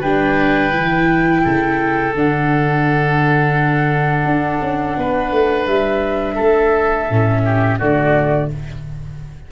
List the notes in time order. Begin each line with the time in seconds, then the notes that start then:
0.00 G3 D4 B4 G5
0.72 E3 E4
1.44 C#3 A4
2.14 D3 D4 F#5
4.25 D4
4.61 C#4
4.97 B3 B4
5.31 A3
5.66 G3 E5
6.35 A3 A4
7.09 A2 C#4
7.45 G4
7.78 D3 A3 F#4 D5